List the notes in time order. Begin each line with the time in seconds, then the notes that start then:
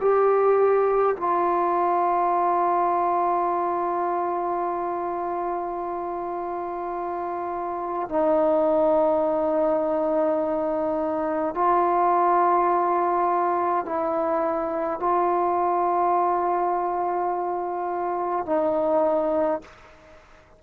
0.00 G4
1.16 F4
8.09 D#4
11.54 F4
13.85 E4
14.99 F4
18.46 D#4